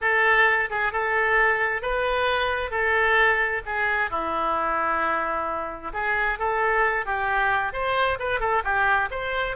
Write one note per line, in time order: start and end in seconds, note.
0.01 0.69 A4
0.69 0.92 G#4
0.92 1.82 A4
1.82 2.70 B4
2.70 3.61 A4
3.65 4.10 G#4
4.10 5.92 E4
5.93 6.38 G#4
6.38 7.05 A4
7.05 7.73 G4
7.73 8.18 C5
8.19 8.40 B4
8.40 8.62 A4
8.64 9.09 G4
9.10 9.56 C5